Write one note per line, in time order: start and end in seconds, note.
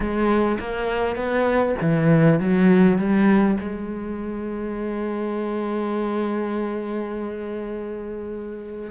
0.00 0.58 G#3
0.59 1.16 A#3
1.16 1.75 B3
1.81 2.39 E3
2.39 2.98 F#3
2.98 3.57 G3
3.60 8.90 G#3